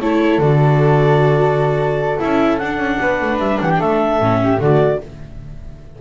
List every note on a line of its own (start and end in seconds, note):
0.00 0.38 A3
0.00 0.41 E4
0.00 3.01 A4
0.00 0.41 C#5
0.38 2.18 D3
0.38 2.20 F#4
0.38 2.19 D5
2.19 2.62 C#4
2.19 2.60 E4
2.19 2.58 E5
2.58 4.21 D4
2.58 2.78 D4
2.58 3.38 F#5
2.78 2.98 C#4
3.01 3.21 B3
3.01 3.61 B4
3.21 3.38 A3
3.38 3.58 G3
3.38 3.59 E5
3.61 3.80 E3
3.61 3.79 G4
3.61 3.71 F#5
3.71 3.81 G5
3.79 4.20 A3
3.79 4.39 A4
3.79 4.61 E5
4.20 4.59 A2
4.20 4.58 C#4
4.43 4.60 G4
4.58 4.99 D3
4.58 4.98 A3
4.58 5.00 F#4
4.58 5.01 D5